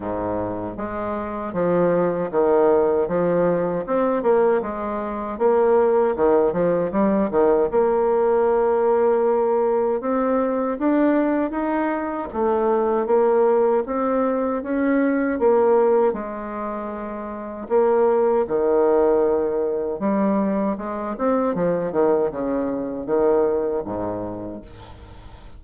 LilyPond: \new Staff \with { instrumentName = "bassoon" } { \time 4/4 \tempo 4 = 78 gis,4 gis4 f4 dis4 | f4 c'8 ais8 gis4 ais4 | dis8 f8 g8 dis8 ais2~ | ais4 c'4 d'4 dis'4 |
a4 ais4 c'4 cis'4 | ais4 gis2 ais4 | dis2 g4 gis8 c'8 | f8 dis8 cis4 dis4 gis,4 | }